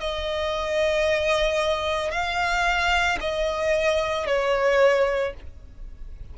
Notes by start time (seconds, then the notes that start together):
0.00 D#5
2.11 F5
3.20 D#5
4.26 C#5